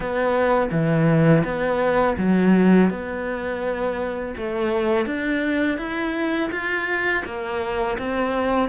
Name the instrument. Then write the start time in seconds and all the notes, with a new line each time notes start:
cello
0.00 B3
0.71 E3
1.44 B3
2.17 F#3
2.90 B3
4.36 A3
5.06 D4
5.78 E4
6.51 F4
7.25 A#3
7.98 C4